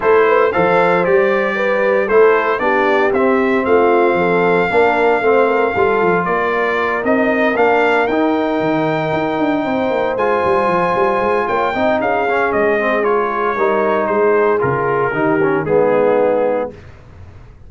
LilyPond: <<
  \new Staff \with { instrumentName = "trumpet" } { \time 4/4 \tempo 4 = 115 c''4 f''4 d''2 | c''4 d''4 e''4 f''4~ | f''1 | d''4. dis''4 f''4 g''8~ |
g''2.~ g''8 gis''8~ | gis''2 g''4 f''4 | dis''4 cis''2 c''4 | ais'2 gis'2 | }
  \new Staff \with { instrumentName = "horn" } { \time 4/4 a'8 b'8 c''2 b'4 | a'4 g'2 f'4 | a'4 ais'4 c''8 ais'8 a'4 | ais'1~ |
ais'2~ ais'8 c''4.~ | c''2 cis''8 dis''8 gis'4~ | gis'2 ais'4 gis'4~ | gis'4 g'4 dis'2 | }
  \new Staff \with { instrumentName = "trombone" } { \time 4/4 e'4 a'4 g'2 | e'4 d'4 c'2~ | c'4 d'4 c'4 f'4~ | f'4. dis'4 d'4 dis'8~ |
dis'2.~ dis'8 f'8~ | f'2~ f'8 dis'4 cis'8~ | cis'8 c'8 f'4 dis'2 | f'4 dis'8 cis'8 b2 | }
  \new Staff \with { instrumentName = "tuba" } { \time 4/4 a4 f4 g2 | a4 b4 c'4 a4 | f4 ais4 a4 g8 f8 | ais4. c'4 ais4 dis'8~ |
dis'8 dis4 dis'8 d'8 c'8 ais8 gis8 | g8 f8 g8 gis8 ais8 c'8 cis'4 | gis2 g4 gis4 | cis4 dis4 gis2 | }
>>